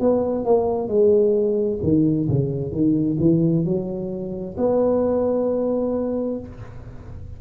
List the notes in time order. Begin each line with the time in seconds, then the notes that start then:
0.00 B3
0.45 A#3
0.88 G#3
1.83 D#3
2.29 C#3
2.72 D#3
3.19 E3
3.65 F#3
4.57 B3